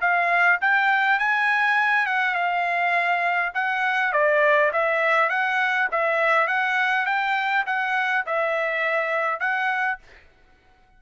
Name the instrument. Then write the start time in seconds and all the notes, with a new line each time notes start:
trumpet
0.00 F5
0.60 G5
1.19 G#5
2.06 F#5
2.34 F5
3.54 F#5
4.12 D5
4.72 E5
5.29 F#5
5.91 E5
6.47 F#5
7.06 G5
7.66 F#5
8.26 E5
9.39 F#5